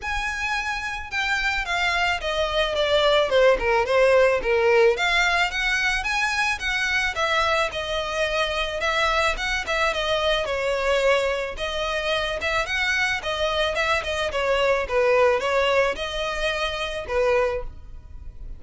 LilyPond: \new Staff \with { instrumentName = "violin" } { \time 4/4 \tempo 4 = 109 gis''2 g''4 f''4 | dis''4 d''4 c''8 ais'8 c''4 | ais'4 f''4 fis''4 gis''4 | fis''4 e''4 dis''2 |
e''4 fis''8 e''8 dis''4 cis''4~ | cis''4 dis''4. e''8 fis''4 | dis''4 e''8 dis''8 cis''4 b'4 | cis''4 dis''2 b'4 | }